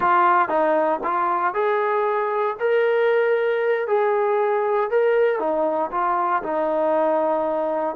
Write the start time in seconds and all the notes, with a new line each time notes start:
0.00 F4
0.48 D#4
1.03 F4
1.54 G#4
2.59 A#4
3.87 G#4
4.90 A#4
5.39 D#4
5.91 F4
6.42 D#4